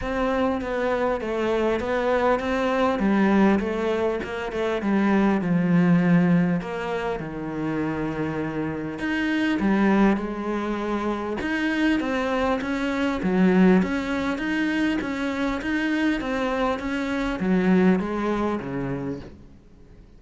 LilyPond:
\new Staff \with { instrumentName = "cello" } { \time 4/4 \tempo 4 = 100 c'4 b4 a4 b4 | c'4 g4 a4 ais8 a8 | g4 f2 ais4 | dis2. dis'4 |
g4 gis2 dis'4 | c'4 cis'4 fis4 cis'4 | dis'4 cis'4 dis'4 c'4 | cis'4 fis4 gis4 cis4 | }